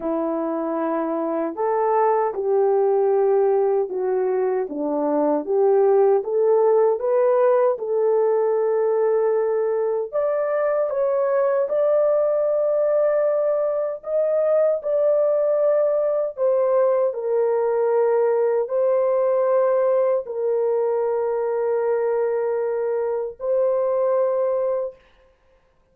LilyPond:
\new Staff \with { instrumentName = "horn" } { \time 4/4 \tempo 4 = 77 e'2 a'4 g'4~ | g'4 fis'4 d'4 g'4 | a'4 b'4 a'2~ | a'4 d''4 cis''4 d''4~ |
d''2 dis''4 d''4~ | d''4 c''4 ais'2 | c''2 ais'2~ | ais'2 c''2 | }